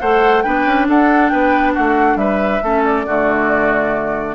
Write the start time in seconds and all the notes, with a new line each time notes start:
0.00 A3 A4 C5 F#5
0.43 B3 D4 B4 G5
0.66 C#4
0.88 D4 A4 F#5
1.29 B3 B4 G5
1.74 A3 F#4 F#5
2.16 G3 B4 E5
2.63 A3 C#4 A4
2.85 D5
3.06 D3 A3 F#4